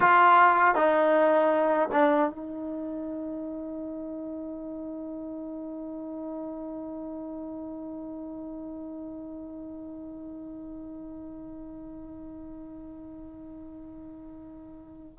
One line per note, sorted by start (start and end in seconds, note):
0.00 0.75 F4
0.75 1.89 D#4
1.92 2.30 D4
2.30 15.19 D#4